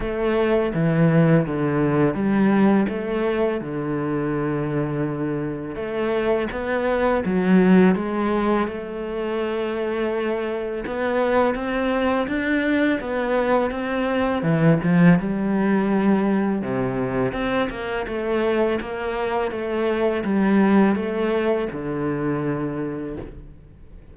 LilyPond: \new Staff \with { instrumentName = "cello" } { \time 4/4 \tempo 4 = 83 a4 e4 d4 g4 | a4 d2. | a4 b4 fis4 gis4 | a2. b4 |
c'4 d'4 b4 c'4 | e8 f8 g2 c4 | c'8 ais8 a4 ais4 a4 | g4 a4 d2 | }